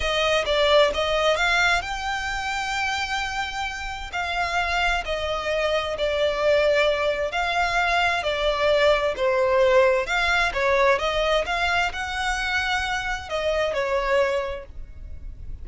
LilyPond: \new Staff \with { instrumentName = "violin" } { \time 4/4 \tempo 4 = 131 dis''4 d''4 dis''4 f''4 | g''1~ | g''4 f''2 dis''4~ | dis''4 d''2. |
f''2 d''2 | c''2 f''4 cis''4 | dis''4 f''4 fis''2~ | fis''4 dis''4 cis''2 | }